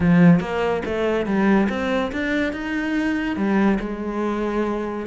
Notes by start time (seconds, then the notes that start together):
0.00 F3
0.40 A#3
0.85 A3
1.26 G3
1.69 C4
2.11 D4
2.53 D#4
3.36 G3
3.79 G#3